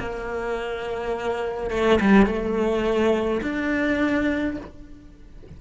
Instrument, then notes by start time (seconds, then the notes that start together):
cello
0.00 A#3
1.70 A3
2.01 G3
2.26 A3
3.42 D4